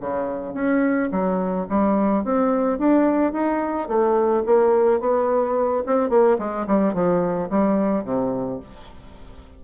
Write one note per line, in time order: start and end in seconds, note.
0.00 0.53 C#3
0.53 1.09 C#4
1.11 1.67 F#3
1.68 2.24 G3
2.24 2.78 C4
2.78 3.32 D4
3.32 3.88 D#4
3.88 4.43 A3
4.45 5.00 A#3
5.00 5.83 B3
5.86 6.09 C4
6.09 6.37 A#3
6.38 6.66 G#3
6.66 6.93 G3
6.93 7.49 F3
7.50 8.04 G3
8.04 8.59 C3